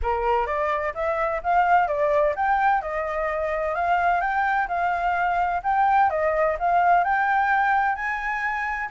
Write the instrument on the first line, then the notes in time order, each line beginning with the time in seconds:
flute
0.02 A#4
0.46 D5
0.94 E5
1.43 F5
1.87 D5
2.35 G5
2.81 D#5
3.75 F5
4.20 G5
4.68 F5
5.63 G5
6.10 D#5
6.59 F5
7.03 G5
7.95 G#5